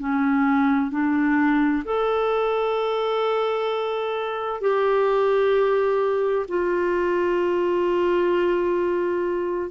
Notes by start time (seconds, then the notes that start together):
0.00 C#4
0.91 D4
1.85 A4
4.62 G4
6.49 F4